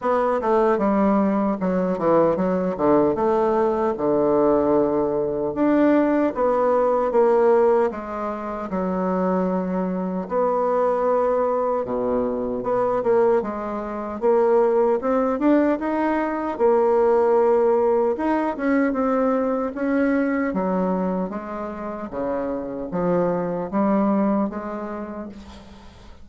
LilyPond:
\new Staff \with { instrumentName = "bassoon" } { \time 4/4 \tempo 4 = 76 b8 a8 g4 fis8 e8 fis8 d8 | a4 d2 d'4 | b4 ais4 gis4 fis4~ | fis4 b2 b,4 |
b8 ais8 gis4 ais4 c'8 d'8 | dis'4 ais2 dis'8 cis'8 | c'4 cis'4 fis4 gis4 | cis4 f4 g4 gis4 | }